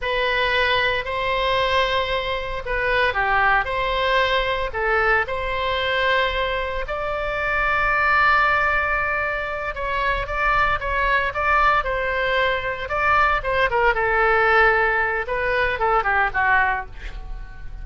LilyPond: \new Staff \with { instrumentName = "oboe" } { \time 4/4 \tempo 4 = 114 b'2 c''2~ | c''4 b'4 g'4 c''4~ | c''4 a'4 c''2~ | c''4 d''2.~ |
d''2~ d''8 cis''4 d''8~ | d''8 cis''4 d''4 c''4.~ | c''8 d''4 c''8 ais'8 a'4.~ | a'4 b'4 a'8 g'8 fis'4 | }